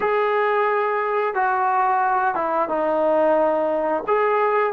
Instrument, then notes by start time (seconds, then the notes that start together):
trombone
0.00 G#4
1.34 F#4
2.34 E4
2.68 D#4
4.07 G#4